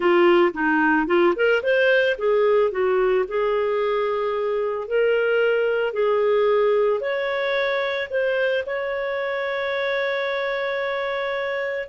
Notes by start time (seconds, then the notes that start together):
0.00 F4
0.53 D#4
1.06 F4
1.35 A#4
1.62 C5
2.17 G#4
2.71 F#4
3.28 G#4
4.87 A#4
5.93 G#4
7.00 C#5
8.09 C5
8.65 C#5